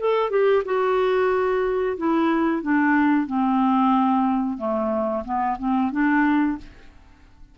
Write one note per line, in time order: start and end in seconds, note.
0.00 0.30 A4
0.30 0.63 G4
0.65 1.97 F#4
1.98 2.63 E4
2.63 3.27 D4
3.27 4.58 C4
4.58 5.24 A3
5.25 5.58 B3
5.59 5.92 C4
5.92 6.58 D4